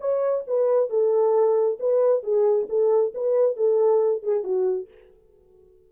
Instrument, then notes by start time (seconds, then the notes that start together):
horn
0.00 C#5
0.47 B4
0.90 A4
1.80 B4
2.23 G#4
2.69 A4
3.14 B4
3.56 A4
4.23 G#4
4.44 F#4